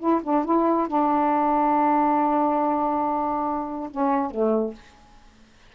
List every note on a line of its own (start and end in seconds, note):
0.00 0.22 E4
0.24 0.45 D4
0.45 0.88 E4
0.88 3.90 D4
3.91 4.31 C#4
4.31 4.74 A3